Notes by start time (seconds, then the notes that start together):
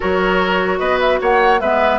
0.00 F#3 F#4 A#4 C#5
0.78 B3 B4 D#5
1.00 E5
1.21 A#3 C#5 F#5
1.60 G#3 B3 B4 E5